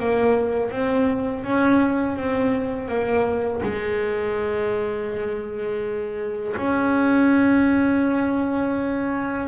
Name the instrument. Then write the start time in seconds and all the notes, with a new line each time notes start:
double bass
0.00 A#3
0.71 C4
1.44 C#4
2.17 C4
2.89 A#3
3.63 G#3
6.57 C#4